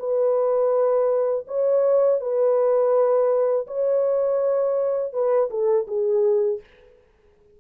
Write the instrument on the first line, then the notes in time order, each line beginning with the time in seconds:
horn
0.00 B4
1.48 C#5
2.21 B4
3.68 C#5
5.13 B4
5.50 A4
5.88 G#4